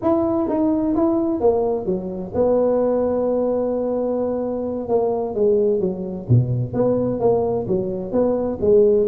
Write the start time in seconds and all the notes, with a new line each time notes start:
0.02 E4
0.49 D#4
0.95 E4
1.40 A#3
1.85 F#3
2.34 B3
4.88 A#3
5.34 G#3
5.80 F#3
6.29 B2
6.73 B3
7.20 A#3
7.67 F#3
8.11 B3
8.60 G#3